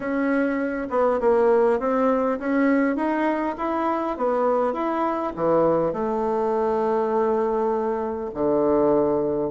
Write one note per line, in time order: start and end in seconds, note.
0.00 0.87 C#4
0.90 1.19 B3
1.20 1.79 A#3
1.79 2.38 C4
2.39 2.96 C#4
2.96 3.55 D#4
3.57 4.17 E4
4.17 4.73 B3
4.73 5.32 E4
5.35 5.92 E3
5.92 8.30 A3
8.34 9.50 D3